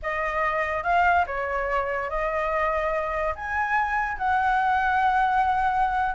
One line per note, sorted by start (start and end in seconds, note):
0.02 0.83 D#5
0.83 1.25 F5
1.26 2.09 C#5
2.09 3.34 D#5
3.35 4.17 G#5
4.17 6.15 F#5